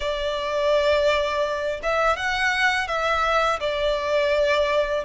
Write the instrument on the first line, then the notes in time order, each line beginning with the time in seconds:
violin
0.00 D5
1.82 E5
2.16 F#5
2.87 E5
3.59 D5